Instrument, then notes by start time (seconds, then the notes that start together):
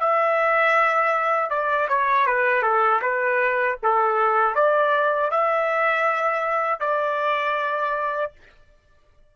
trumpet
0.00 E5
1.50 D5
1.89 C#5
2.26 B4
2.63 A4
3.02 B4
3.83 A4
4.55 D5
5.31 E5
6.80 D5